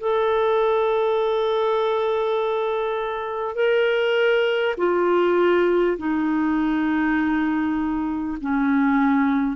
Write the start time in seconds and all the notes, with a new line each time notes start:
0.00 A4
3.55 A#4
4.77 F4
5.98 D#4
8.41 C#4